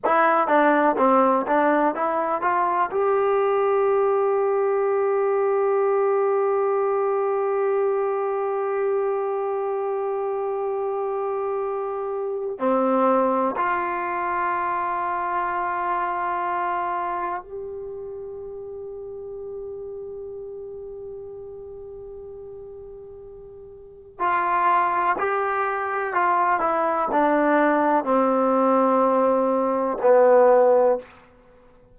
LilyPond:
\new Staff \with { instrumentName = "trombone" } { \time 4/4 \tempo 4 = 62 e'8 d'8 c'8 d'8 e'8 f'8 g'4~ | g'1~ | g'1~ | g'4 c'4 f'2~ |
f'2 g'2~ | g'1~ | g'4 f'4 g'4 f'8 e'8 | d'4 c'2 b4 | }